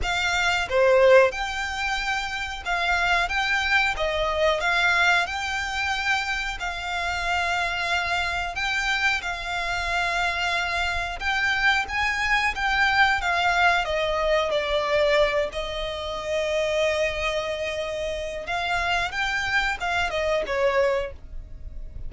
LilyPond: \new Staff \with { instrumentName = "violin" } { \time 4/4 \tempo 4 = 91 f''4 c''4 g''2 | f''4 g''4 dis''4 f''4 | g''2 f''2~ | f''4 g''4 f''2~ |
f''4 g''4 gis''4 g''4 | f''4 dis''4 d''4. dis''8~ | dis''1 | f''4 g''4 f''8 dis''8 cis''4 | }